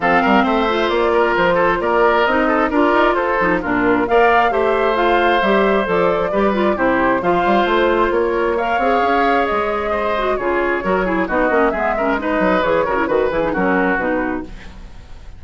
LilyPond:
<<
  \new Staff \with { instrumentName = "flute" } { \time 4/4 \tempo 4 = 133 f''4 e''4 d''4 c''4 | d''4 dis''4 d''4 c''4 | ais'4 f''4 e''4 f''4 | e''4 d''2 c''4 |
f''4 c''4 cis''4 f''4~ | f''4 dis''2 cis''4~ | cis''4 dis''4 e''4 dis''4 | cis''4 b'8 gis'8 ais'4 b'4 | }
  \new Staff \with { instrumentName = "oboe" } { \time 4/4 a'8 ais'8 c''4. ais'4 a'8 | ais'4. a'8 ais'4 a'4 | f'4 d''4 c''2~ | c''2 b'4 g'4 |
c''2 ais'4 cis''4~ | cis''2 c''4 gis'4 | ais'8 gis'8 fis'4 gis'8 ais'8 b'4~ | b'8 ais'8 b'4 fis'2 | }
  \new Staff \with { instrumentName = "clarinet" } { \time 4/4 c'4. f'2~ f'8~ | f'4 dis'4 f'4. dis'8 | d'4 ais'4 g'4 f'4 | g'4 a'4 g'8 f'8 e'4 |
f'2. ais'8 gis'8~ | gis'2~ gis'8 fis'8 f'4 | fis'8 e'8 dis'8 cis'8 b8 cis'8 dis'4 | gis'8 fis'16 e'16 fis'8 e'16 dis'16 cis'4 dis'4 | }
  \new Staff \with { instrumentName = "bassoon" } { \time 4/4 f8 g8 a4 ais4 f4 | ais4 c'4 d'8 dis'8 f'8 f8 | ais,4 ais4 a2 | g4 f4 g4 c4 |
f8 g8 a4 ais4. c'8 | cis'4 gis2 cis4 | fis4 b8 ais8 gis4. fis8 | e8 cis8 dis8 e8 fis4 b,4 | }
>>